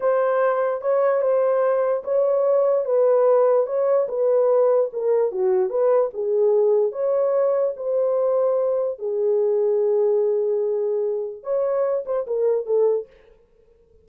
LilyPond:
\new Staff \with { instrumentName = "horn" } { \time 4/4 \tempo 4 = 147 c''2 cis''4 c''4~ | c''4 cis''2 b'4~ | b'4 cis''4 b'2 | ais'4 fis'4 b'4 gis'4~ |
gis'4 cis''2 c''4~ | c''2 gis'2~ | gis'1 | cis''4. c''8 ais'4 a'4 | }